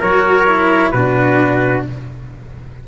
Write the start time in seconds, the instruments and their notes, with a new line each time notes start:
0.00 tuba F#3, cello F#4, trumpet A#4 C#5
0.47 cello E4
0.92 tuba B2, cello D4, trumpet F#4 B4